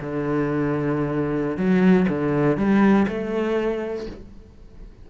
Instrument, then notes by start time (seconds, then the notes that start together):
cello
0.00 D3
1.57 F#3
2.08 D3
2.57 G3
3.08 A3